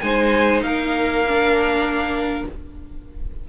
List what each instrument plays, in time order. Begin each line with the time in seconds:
0.00 cello G#3, viola D#4, violin C5 G#5
0.62 cello A#3, violin A#4 F5
1.28 viola D4